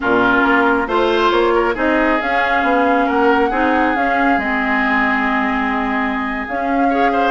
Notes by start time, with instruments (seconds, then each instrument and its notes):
0.00 bassoon A#2, clarinet C#4, oboe F4, flute A#4
0.43 bassoon A#3
0.87 bassoon A3, clarinet F4, oboe C5, flute C5
1.30 bassoon A#3, flute C#5
1.54 oboe A#4
1.74 bassoon C4, clarinet D#4, oboe G#4, flute D#5
2.21 bassoon C#4, clarinet C#4, flute F5
2.62 bassoon B3
3.06 bassoon A#3, oboe A#4, flute F#5
3.49 bassoon C4, clarinet D#4, oboe G#4
3.95 bassoon C#4, clarinet C#4, flute F5
4.37 bassoon G#3, clarinet C4, flute D#5
6.47 clarinet C#4, bassoon C#4, flute F5
6.89 clarinet G#4, oboe C#5
7.12 oboe C5